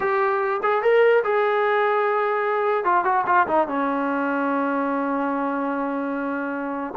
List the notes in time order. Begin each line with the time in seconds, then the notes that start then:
0.00 G4
0.62 G#4
0.82 A#4
1.24 G#4
2.84 F4
3.04 F#4
3.26 F4
3.47 D#4
3.67 C#4